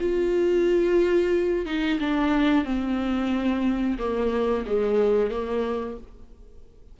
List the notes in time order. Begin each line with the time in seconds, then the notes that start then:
0.00 F4
1.66 D#4
2.00 D4
2.65 C4
3.99 A#3
4.66 G#3
5.31 A#3